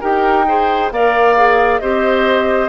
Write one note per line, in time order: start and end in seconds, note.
0.00 0.91 D#4
0.00 0.46 G4
0.00 0.45 A#4
0.00 0.91 G5
0.47 0.92 G#4
0.47 0.93 C5
0.91 1.81 A#3
0.91 1.36 A#4
0.91 1.81 D5
0.91 1.79 F5
1.36 1.81 G#4
1.79 2.68 C4
1.79 2.68 G4
1.79 2.68 C5
1.79 2.68 D#5